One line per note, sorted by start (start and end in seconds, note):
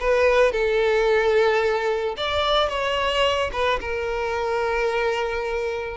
0.00 0.52 B4
0.52 2.16 A4
2.17 2.69 D5
2.69 3.51 C#5
3.53 3.80 B4
3.81 5.97 A#4